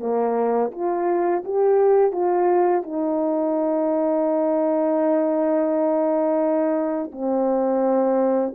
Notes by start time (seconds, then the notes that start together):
0.00 A#3
0.72 F4
1.45 G4
2.12 F4
2.83 D#4
7.12 C4